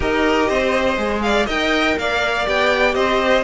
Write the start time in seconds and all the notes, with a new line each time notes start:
0.00 D#4 G4 A#4 D#5
0.49 C4 C5
0.97 G#3 G#4
1.21 D5 F5
1.45 D#4 A#4 D#5 G5
1.97 A#3 D5 F5
2.45 B3 G4 G5
2.94 C4 C5 D#5